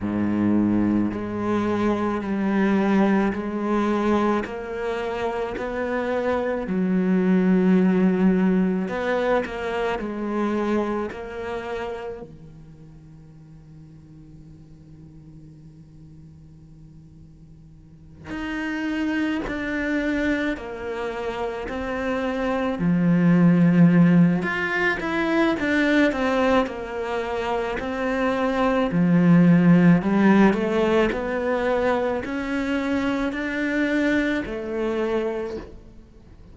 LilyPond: \new Staff \with { instrumentName = "cello" } { \time 4/4 \tempo 4 = 54 gis,4 gis4 g4 gis4 | ais4 b4 fis2 | b8 ais8 gis4 ais4 dis4~ | dis1~ |
dis8 dis'4 d'4 ais4 c'8~ | c'8 f4. f'8 e'8 d'8 c'8 | ais4 c'4 f4 g8 a8 | b4 cis'4 d'4 a4 | }